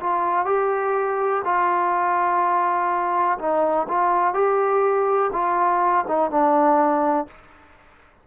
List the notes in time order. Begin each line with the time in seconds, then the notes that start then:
0.00 F4
0.45 G4
1.45 F4
3.39 D#4
3.88 F4
4.34 G4
5.33 F4
6.08 D#4
6.30 D4